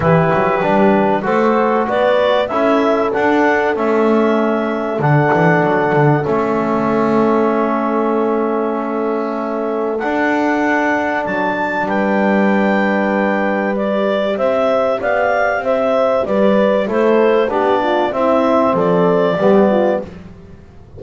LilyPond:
<<
  \new Staff \with { instrumentName = "clarinet" } { \time 4/4 \tempo 4 = 96 b'2 a'4 d''4 | e''4 fis''4 e''2 | fis''2 e''2~ | e''1 |
fis''2 a''4 g''4~ | g''2 d''4 e''4 | f''4 e''4 d''4 c''4 | d''4 e''4 d''2 | }
  \new Staff \with { instrumentName = "horn" } { \time 4/4 g'2 c''4 b'4 | a'1~ | a'1~ | a'1~ |
a'2. b'4~ | b'2. c''4 | d''4 c''4 b'4 a'4 | g'8 f'8 e'4 a'4 g'8 f'8 | }
  \new Staff \with { instrumentName = "trombone" } { \time 4/4 e'4 d'4 fis'2 | e'4 d'4 cis'2 | d'2 cis'2~ | cis'1 |
d'1~ | d'2 g'2~ | g'2. e'4 | d'4 c'2 b4 | }
  \new Staff \with { instrumentName = "double bass" } { \time 4/4 e8 fis8 g4 a4 b4 | cis'4 d'4 a2 | d8 e8 fis8 d8 a2~ | a1 |
d'2 fis4 g4~ | g2. c'4 | b4 c'4 g4 a4 | b4 c'4 f4 g4 | }
>>